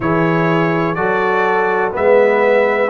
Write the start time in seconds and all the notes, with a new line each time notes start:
0.00 E3 E4 G#4 C#5
0.95 F#3 F#4 A4 D5
1.91 G#3 B3 B4 E5